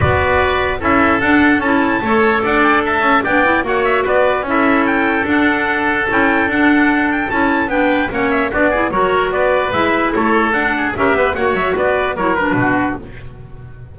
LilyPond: <<
  \new Staff \with { instrumentName = "trumpet" } { \time 4/4 \tempo 4 = 148 d''2 e''4 fis''4 | a''2 fis''8 g''8 a''4 | g''4 fis''8 e''8 d''4 e''4 | g''4 fis''2 g''4 |
fis''4. g''8 a''4 g''4 | fis''8 e''8 d''4 cis''4 d''4 | e''4 cis''4 fis''4 e''4 | fis''8 e''8 d''4 cis''8 b'4. | }
  \new Staff \with { instrumentName = "oboe" } { \time 4/4 b'2 a'2~ | a'4 cis''4 d''4 e''4 | d''4 cis''4 b'4 a'4~ | a'1~ |
a'2. b'4 | cis''4 fis'8 gis'8 ais'4 b'4~ | b'4 a'4. gis'8 ais'8 b'8 | cis''4 b'4 ais'4 fis'4 | }
  \new Staff \with { instrumentName = "clarinet" } { \time 4/4 fis'2 e'4 d'4 | e'4 a'2. | d'8 e'8 fis'2 e'4~ | e'4 d'2 e'4 |
d'2 e'4 d'4 | cis'4 d'8 e'8 fis'2 | e'2 d'4 g'4 | fis'2 e'8 d'4. | }
  \new Staff \with { instrumentName = "double bass" } { \time 4/4 b2 cis'4 d'4 | cis'4 a4 d'4. cis'8 | b4 ais4 b4 cis'4~ | cis'4 d'2 cis'4 |
d'2 cis'4 b4 | ais4 b4 fis4 b4 | gis4 a4 d'4 cis'8 b8 | ais8 fis8 b4 fis4 b,4 | }
>>